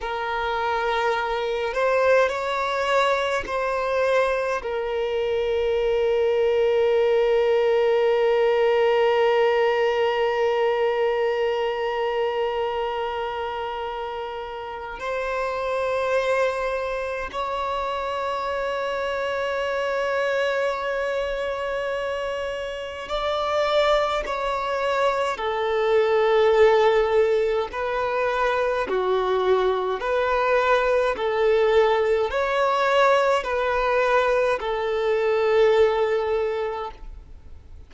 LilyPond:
\new Staff \with { instrumentName = "violin" } { \time 4/4 \tempo 4 = 52 ais'4. c''8 cis''4 c''4 | ais'1~ | ais'1~ | ais'4 c''2 cis''4~ |
cis''1 | d''4 cis''4 a'2 | b'4 fis'4 b'4 a'4 | cis''4 b'4 a'2 | }